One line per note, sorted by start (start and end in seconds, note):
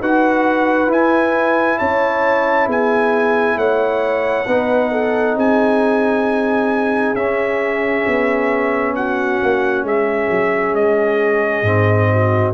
0.00 0.87 D#4
0.00 0.87 F#4
0.00 1.78 B4
0.00 0.91 F#5
0.87 4.45 E4
0.87 1.77 E4
0.87 1.78 G#5
1.78 2.67 C#4
1.78 2.66 C#5
1.78 2.68 A5
2.66 3.56 B3
2.66 3.56 G#4
2.66 3.58 G#5
3.56 4.45 A3
3.56 4.47 C#5
3.56 5.37 F#5
4.46 5.34 B3
4.46 7.16 D#4
4.46 4.91 B4
4.91 5.36 A4
5.34 7.13 C4
5.34 8.94 G#4
5.34 7.15 G#5
7.14 8.04 C#4
7.14 11.65 C#4
7.14 8.94 E5
8.07 9.41 B3
8.95 9.86 F#4
8.95 9.85 F#5
9.42 9.83 A#3
9.83 10.27 G#3
9.83 12.10 G#4
9.83 10.74 E5
10.30 10.72 F#3
10.72 11.62 G#3
10.72 12.54 D#5
11.62 12.51 G#2
11.62 12.54 C4
12.12 12.54 F#4